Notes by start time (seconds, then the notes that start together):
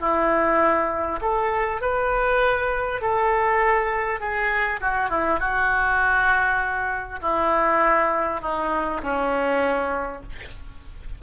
0.00 E4
1.21 A4
1.81 B4
3.01 A4
4.21 G#4
4.81 F#4
5.10 E4
5.39 F#4
7.22 E4
8.41 D#4
9.03 C#4